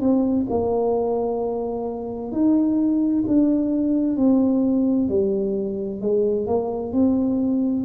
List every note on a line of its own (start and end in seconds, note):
0.00 0.46 C4
0.50 2.32 A#3
2.32 3.24 D#4
3.27 4.17 D4
4.17 5.09 C4
5.09 6.01 G3
6.01 6.47 G#3
6.47 6.92 A#3
6.92 7.85 C4